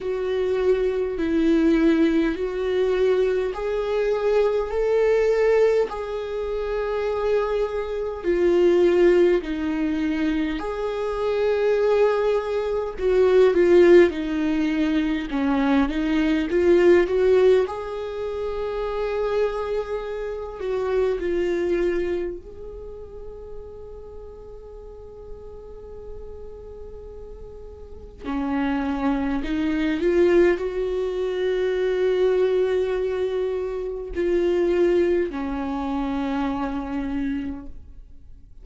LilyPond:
\new Staff \with { instrumentName = "viola" } { \time 4/4 \tempo 4 = 51 fis'4 e'4 fis'4 gis'4 | a'4 gis'2 f'4 | dis'4 gis'2 fis'8 f'8 | dis'4 cis'8 dis'8 f'8 fis'8 gis'4~ |
gis'4. fis'8 f'4 gis'4~ | gis'1 | cis'4 dis'8 f'8 fis'2~ | fis'4 f'4 cis'2 | }